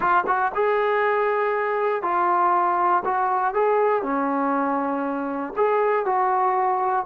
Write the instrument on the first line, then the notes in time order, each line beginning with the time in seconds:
trombone
0.00 F4
0.26 F#4
0.54 G#4
2.02 F4
3.04 F#4
3.54 G#4
4.02 C#4
5.56 G#4
6.05 F#4